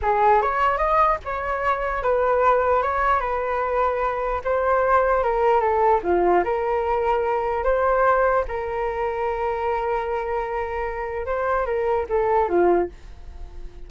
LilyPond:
\new Staff \with { instrumentName = "flute" } { \time 4/4 \tempo 4 = 149 gis'4 cis''4 dis''4 cis''4~ | cis''4 b'2 cis''4 | b'2. c''4~ | c''4 ais'4 a'4 f'4 |
ais'2. c''4~ | c''4 ais'2.~ | ais'1 | c''4 ais'4 a'4 f'4 | }